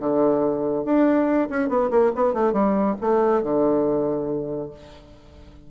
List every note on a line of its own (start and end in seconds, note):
0.00 0.85 D3
0.85 1.49 D4
1.50 1.69 C#4
1.69 1.90 B3
1.91 2.12 A#3
2.16 2.34 B3
2.34 2.53 A3
2.53 2.96 G3
3.01 3.43 A3
3.43 4.71 D3